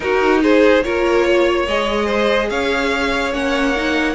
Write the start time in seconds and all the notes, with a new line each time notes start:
0.00 D#4 F#4 A#4
0.42 G#4 C5
0.83 A#3 F4 A#4 C#5
1.26 C#5
1.67 G#3 G#4 D#5
2.05 C5
2.49 C#4 C#5 F5
3.32 A#3 C#4 F#5
3.76 D#4